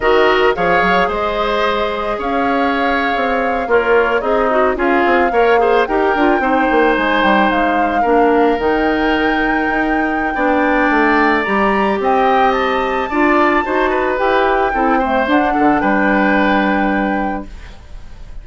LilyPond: <<
  \new Staff \with { instrumentName = "flute" } { \time 4/4 \tempo 4 = 110 dis''4 f''4 dis''2 | f''2~ f''8. cis''4 dis''16~ | dis''8. f''2 g''4~ g''16~ | g''8. gis''8 g''8 f''2 g''16~ |
g''1~ | g''4 ais''4 g''4 a''4~ | a''2 g''2 | fis''4 g''2. | }
  \new Staff \with { instrumentName = "oboe" } { \time 4/4 ais'4 cis''4 c''2 | cis''2~ cis''8. f'4 dis'16~ | dis'8. gis'4 cis''8 c''8 ais'4 c''16~ | c''2~ c''8. ais'4~ ais'16~ |
ais'2. d''4~ | d''2 dis''2 | d''4 c''8 b'4. a'8 c''8~ | c''8 a'8 b'2. | }
  \new Staff \with { instrumentName = "clarinet" } { \time 4/4 fis'4 gis'2.~ | gis'2~ gis'8. ais'4 gis'16~ | gis'16 fis'8 f'4 ais'8 gis'8 g'8 f'8 dis'16~ | dis'2~ dis'8. d'4 dis'16~ |
dis'2. d'4~ | d'4 g'2. | f'4 fis'4 g'4 e'8 a8 | d'1 | }
  \new Staff \with { instrumentName = "bassoon" } { \time 4/4 dis4 f8 fis8 gis2 | cis'4.~ cis'16 c'4 ais4 c'16~ | c'8. cis'8 c'8 ais4 dis'8 d'8 c'16~ | c'16 ais8 gis8 g8 gis4 ais4 dis16~ |
dis4.~ dis16 dis'4~ dis'16 b4 | a4 g4 c'2 | d'4 dis'4 e'4 c'4 | d'8 d8 g2. | }
>>